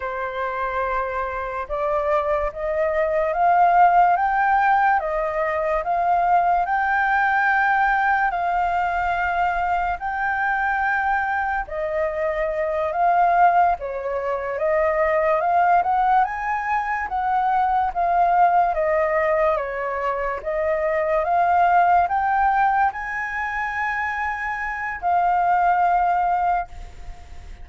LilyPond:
\new Staff \with { instrumentName = "flute" } { \time 4/4 \tempo 4 = 72 c''2 d''4 dis''4 | f''4 g''4 dis''4 f''4 | g''2 f''2 | g''2 dis''4. f''8~ |
f''8 cis''4 dis''4 f''8 fis''8 gis''8~ | gis''8 fis''4 f''4 dis''4 cis''8~ | cis''8 dis''4 f''4 g''4 gis''8~ | gis''2 f''2 | }